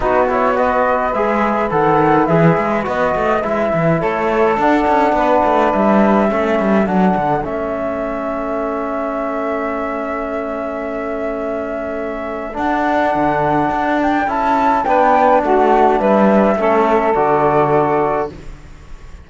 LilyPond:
<<
  \new Staff \with { instrumentName = "flute" } { \time 4/4 \tempo 4 = 105 b'8 cis''8 dis''4 e''4 fis''4 | e''4 dis''4 e''4 cis''4 | fis''2 e''2 | fis''4 e''2.~ |
e''1~ | e''2 fis''2~ | fis''8 g''8 a''4 g''4 fis''4 | e''2 d''2 | }
  \new Staff \with { instrumentName = "saxophone" } { \time 4/4 fis'4 b'2.~ | b'2. a'4~ | a'4 b'2 a'4~ | a'1~ |
a'1~ | a'1~ | a'2 b'4 fis'4 | b'4 a'2. | }
  \new Staff \with { instrumentName = "trombone" } { \time 4/4 dis'8 e'8 fis'4 gis'4 a'4 | gis'4 fis'4 e'2 | d'2. cis'4 | d'4 cis'2.~ |
cis'1~ | cis'2 d'2~ | d'4 e'4 d'2~ | d'4 cis'4 fis'2 | }
  \new Staff \with { instrumentName = "cello" } { \time 4/4 b2 gis4 dis4 | e8 gis8 b8 a8 gis8 e8 a4 | d'8 cis'8 b8 a8 g4 a8 g8 | fis8 d8 a2.~ |
a1~ | a2 d'4 d4 | d'4 cis'4 b4 a4 | g4 a4 d2 | }
>>